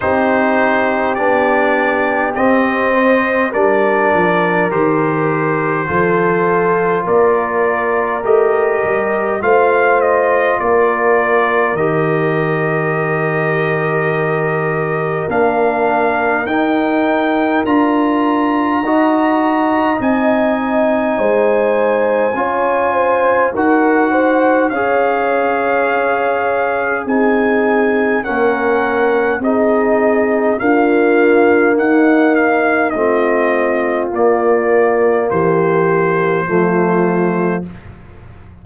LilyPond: <<
  \new Staff \with { instrumentName = "trumpet" } { \time 4/4 \tempo 4 = 51 c''4 d''4 dis''4 d''4 | c''2 d''4 dis''4 | f''8 dis''8 d''4 dis''2~ | dis''4 f''4 g''4 ais''4~ |
ais''4 gis''2. | fis''4 f''2 gis''4 | fis''4 dis''4 f''4 fis''8 f''8 | dis''4 d''4 c''2 | }
  \new Staff \with { instrumentName = "horn" } { \time 4/4 g'2~ g'8 c''8 ais'4~ | ais'4 a'4 ais'2 | c''4 ais'2.~ | ais'1 |
dis''2 c''4 cis''8 c''8 | ais'8 c''8 cis''2 gis'4 | ais'4 gis'4 f'4 dis'4 | f'2 g'4 f'4 | }
  \new Staff \with { instrumentName = "trombone" } { \time 4/4 dis'4 d'4 c'4 d'4 | g'4 f'2 g'4 | f'2 g'2~ | g'4 d'4 dis'4 f'4 |
fis'4 dis'2 f'4 | fis'4 gis'2 dis'4 | cis'4 dis'4 ais2 | c'4 ais2 a4 | }
  \new Staff \with { instrumentName = "tuba" } { \time 4/4 c'4 b4 c'4 g8 f8 | dis4 f4 ais4 a8 g8 | a4 ais4 dis2~ | dis4 ais4 dis'4 d'4 |
dis'4 c'4 gis4 cis'4 | dis'4 cis'2 c'4 | ais4 c'4 d'4 dis'4 | a4 ais4 e4 f4 | }
>>